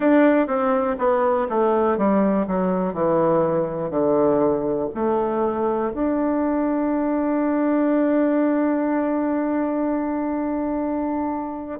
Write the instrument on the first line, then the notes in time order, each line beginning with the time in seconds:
bassoon
0.00 D4
0.46 C4
0.98 B3
1.49 A3
1.97 G3
2.47 F#3
2.93 E3
3.90 D3
4.94 A3
5.93 D4